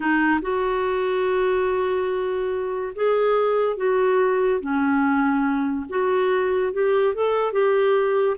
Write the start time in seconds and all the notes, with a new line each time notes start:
0.00 D#4
0.41 F#4
2.95 G#4
3.76 F#4
4.60 C#4
5.89 F#4
6.72 G4
7.14 A4
7.52 G4